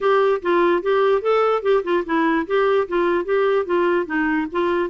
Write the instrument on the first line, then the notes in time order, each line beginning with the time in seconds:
clarinet
0.01 G4
0.41 F4
0.82 G4
1.21 A4
1.62 G4
1.83 F4
2.05 E4
2.47 G4
2.88 F4
3.24 G4
3.65 F4
4.06 D#4
4.52 F4